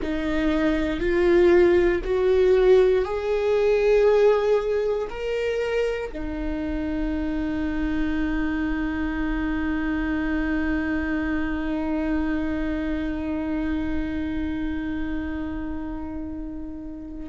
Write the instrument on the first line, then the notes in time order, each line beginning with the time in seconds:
viola
0.02 D#4
0.99 F4
2.03 F#4
3.04 G#4
5.09 A#4
6.12 D#4